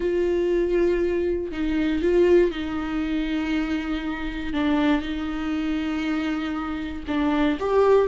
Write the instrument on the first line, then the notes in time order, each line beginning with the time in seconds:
viola
0.00 F4
1.51 D#4
2.02 F4
2.51 D#4
4.53 D4
5.01 D#4
7.07 D4
7.59 G4